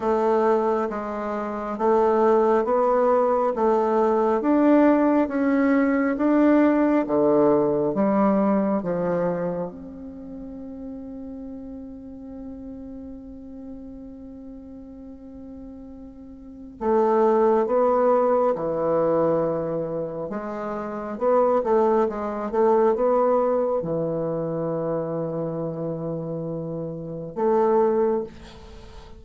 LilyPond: \new Staff \with { instrumentName = "bassoon" } { \time 4/4 \tempo 4 = 68 a4 gis4 a4 b4 | a4 d'4 cis'4 d'4 | d4 g4 f4 c'4~ | c'1~ |
c'2. a4 | b4 e2 gis4 | b8 a8 gis8 a8 b4 e4~ | e2. a4 | }